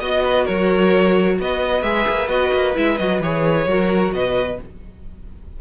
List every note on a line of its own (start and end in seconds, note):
0.00 0.47 B3
0.00 1.82 F#4
0.00 0.23 D#5
0.00 0.46 D#5
0.25 0.45 B4
0.45 1.39 F#3
0.45 1.36 A#4
0.45 1.38 C#5
1.39 1.83 B3
1.39 3.68 B4
1.39 1.83 D#5
1.82 2.06 G#3
1.82 2.28 G#4
1.82 2.28 E5
2.08 2.27 A#3
2.27 2.50 B3
2.27 2.74 F#4
2.27 2.75 D#5
2.53 2.76 A#3
2.74 3.00 G#3
2.74 2.97 E4
2.74 2.98 E5
2.98 3.20 F#3
2.98 3.22 F#4
2.98 3.21 D#5
3.20 3.66 E3
3.20 3.68 G#4
3.20 4.13 C#5
3.67 4.12 F#3
3.67 4.60 F#4
3.67 4.14 A#4
4.13 4.59 B2
4.13 4.61 B4
4.13 4.59 D#5